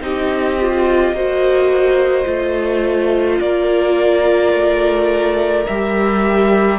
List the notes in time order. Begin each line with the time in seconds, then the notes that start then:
0.00 C4 D#4 G4 D#5
0.61 F4
1.12 A#3 F#4 C5
2.25 A3 F4
3.40 A#3 A#4 D5
4.52 A3
5.66 G3 G4 E5